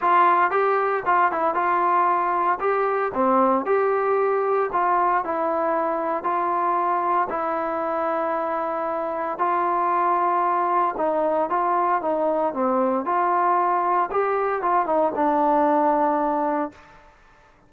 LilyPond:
\new Staff \with { instrumentName = "trombone" } { \time 4/4 \tempo 4 = 115 f'4 g'4 f'8 e'8 f'4~ | f'4 g'4 c'4 g'4~ | g'4 f'4 e'2 | f'2 e'2~ |
e'2 f'2~ | f'4 dis'4 f'4 dis'4 | c'4 f'2 g'4 | f'8 dis'8 d'2. | }